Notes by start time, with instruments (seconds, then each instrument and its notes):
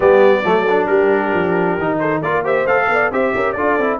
0.00 tuba G3, trombone B3, horn G4, trumpet D5
0.43 tuba F#3, trombone A3, horn A4
0.69 trombone D4
0.86 tuba G3, horn G4, trumpet A#4
1.34 tuba F3
1.78 tuba D#3, trombone D#4
1.99 horn A4, trumpet C5
2.21 tuba A#3, trombone F4, horn A#4, trumpet D5
2.44 trombone G4, horn C5, trumpet E5
2.66 tuba A3, trombone A4, trumpet F5
2.88 tuba B3, horn D5
3.11 tuba C4, trombone G4, horn C5, trumpet E5
3.34 tuba C#4, horn A#4
3.52 tuba D4, trombone F4, horn A4, trumpet D5
3.77 tuba C4, trombone E4